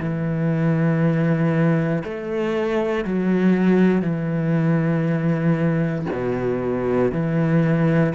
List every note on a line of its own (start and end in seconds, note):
0.00 2.03 E3
2.05 3.05 A3
3.05 4.02 F#3
4.02 6.06 E3
6.13 7.12 B2
7.12 8.14 E3